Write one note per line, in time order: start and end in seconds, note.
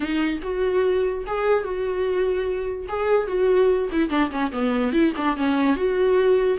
0.00 0.39 D#4
0.42 1.24 F#4
1.26 1.63 G#4
1.63 2.87 F#4
2.88 3.27 G#4
3.27 3.89 F#4
3.92 4.09 E4
4.09 4.30 D4
4.31 4.51 C#4
4.51 4.92 B3
4.92 5.13 E4
5.16 5.36 D4
5.36 5.75 C#4
5.75 6.58 F#4